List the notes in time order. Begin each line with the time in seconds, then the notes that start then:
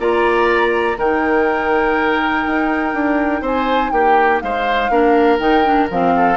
0.00 A#3 F4 D5 A#5
0.98 D#3 D#4 A#4 G5
2.47 D#4
2.94 D4
3.42 C4 C5 G#5
3.91 A#3 G4 G5
4.41 G#3 C5 F5
4.90 A#3 D4 A#4
5.39 D#3 D#4 G5
5.65 D4
5.90 F3 C4 F5
6.16 A4